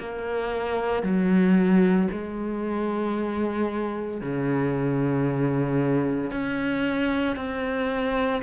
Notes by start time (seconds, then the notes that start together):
0.00 A#3
1.03 F#3
2.12 G#3
4.22 C#3
6.32 C#4
7.37 C4